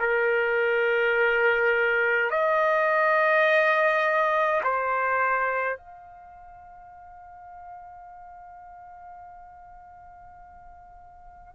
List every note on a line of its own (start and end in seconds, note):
0.00 2.31 A#4
2.31 4.62 D#5
4.64 5.78 C5
5.78 11.55 F5